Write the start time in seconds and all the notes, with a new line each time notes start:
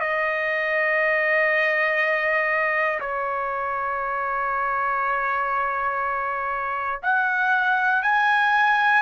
0.00 D#5
3.00 C#5
7.03 F#5
8.02 G#5